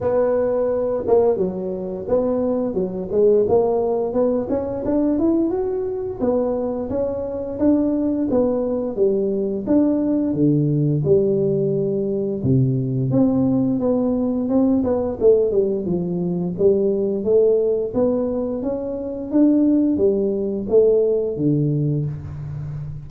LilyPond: \new Staff \with { instrumentName = "tuba" } { \time 4/4 \tempo 4 = 87 b4. ais8 fis4 b4 | fis8 gis8 ais4 b8 cis'8 d'8 e'8 | fis'4 b4 cis'4 d'4 | b4 g4 d'4 d4 |
g2 c4 c'4 | b4 c'8 b8 a8 g8 f4 | g4 a4 b4 cis'4 | d'4 g4 a4 d4 | }